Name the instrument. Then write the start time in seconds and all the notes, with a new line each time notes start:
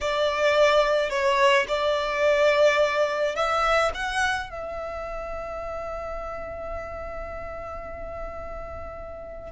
violin
0.00 D5
1.10 C#5
1.68 D5
3.35 E5
3.94 F#5
4.50 E5